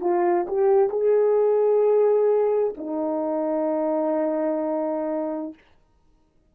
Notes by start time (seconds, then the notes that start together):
0.00 F4
0.47 G4
0.89 G#4
2.77 D#4